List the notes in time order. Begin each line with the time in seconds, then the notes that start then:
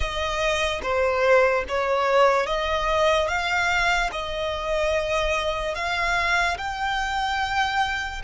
0.00 D#5
0.82 C5
1.68 C#5
2.46 D#5
3.28 F5
4.12 D#5
5.75 F5
6.57 G5